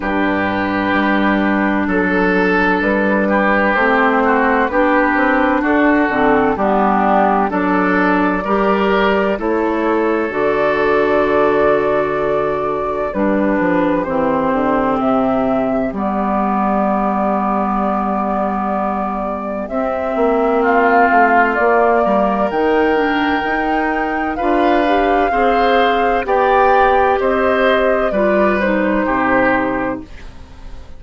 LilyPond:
<<
  \new Staff \with { instrumentName = "flute" } { \time 4/4 \tempo 4 = 64 b'2 a'4 b'4 | c''4 b'4 a'4 g'4 | d''2 cis''4 d''4~ | d''2 b'4 c''4 |
e''4 d''2.~ | d''4 e''4 f''4 d''4 | g''2 f''2 | g''4 dis''4 d''8 c''4. | }
  \new Staff \with { instrumentName = "oboe" } { \time 4/4 g'2 a'4. g'8~ | g'8 fis'8 g'4 fis'4 d'4 | a'4 ais'4 a'2~ | a'2 g'2~ |
g'1~ | g'2 f'4. ais'8~ | ais'2 b'4 c''4 | d''4 c''4 b'4 g'4 | }
  \new Staff \with { instrumentName = "clarinet" } { \time 4/4 d'1 | c'4 d'4. c'8 b4 | d'4 g'4 e'4 fis'4~ | fis'2 d'4 c'4~ |
c'4 b2.~ | b4 c'2 ais4 | dis'8 d'8 dis'4 f'8 g'8 gis'4 | g'2 f'8 dis'4. | }
  \new Staff \with { instrumentName = "bassoon" } { \time 4/4 g,4 g4 fis4 g4 | a4 b8 c'8 d'8 d8 g4 | fis4 g4 a4 d4~ | d2 g8 f8 e8 d8 |
c4 g2.~ | g4 c'8 ais4 a8 ais8 g8 | dis4 dis'4 d'4 c'4 | b4 c'4 g4 c4 | }
>>